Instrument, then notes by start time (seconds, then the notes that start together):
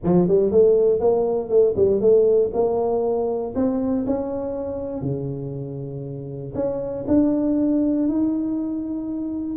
tuba
0.03 F3
0.28 G3
0.51 A3
0.99 A#3
1.49 A3
1.76 G3
2.01 A3
2.53 A#3
3.55 C4
4.06 C#4
5.01 C#3
6.54 C#4
7.07 D4
8.08 D#4